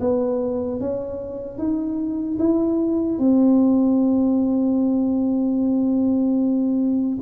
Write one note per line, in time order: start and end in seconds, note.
0.00 0.80 B3
0.80 1.58 C#4
1.58 2.38 D#4
2.39 3.18 E4
3.18 7.18 C4